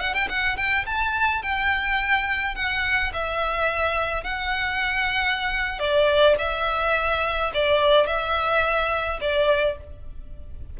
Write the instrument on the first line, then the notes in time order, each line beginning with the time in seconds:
violin
0.00 F#5
0.14 G5
0.29 F#5
0.57 G5
0.86 A5
1.43 G5
2.55 F#5
3.13 E5
4.24 F#5
5.79 D5
6.38 E5
7.54 D5
8.06 E5
9.21 D5